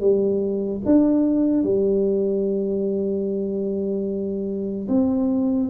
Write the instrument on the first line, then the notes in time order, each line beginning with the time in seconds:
tuba
0.00 G3
0.86 D4
1.63 G3
4.88 C4